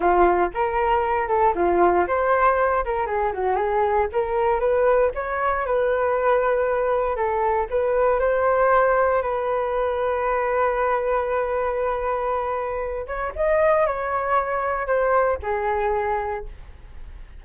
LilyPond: \new Staff \with { instrumentName = "flute" } { \time 4/4 \tempo 4 = 117 f'4 ais'4. a'8 f'4 | c''4. ais'8 gis'8 fis'8 gis'4 | ais'4 b'4 cis''4 b'4~ | b'2 a'4 b'4 |
c''2 b'2~ | b'1~ | b'4. cis''8 dis''4 cis''4~ | cis''4 c''4 gis'2 | }